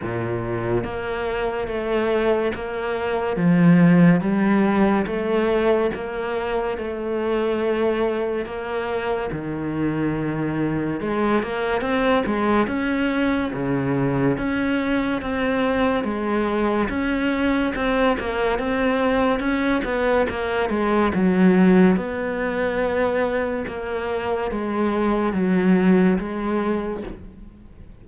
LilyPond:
\new Staff \with { instrumentName = "cello" } { \time 4/4 \tempo 4 = 71 ais,4 ais4 a4 ais4 | f4 g4 a4 ais4 | a2 ais4 dis4~ | dis4 gis8 ais8 c'8 gis8 cis'4 |
cis4 cis'4 c'4 gis4 | cis'4 c'8 ais8 c'4 cis'8 b8 | ais8 gis8 fis4 b2 | ais4 gis4 fis4 gis4 | }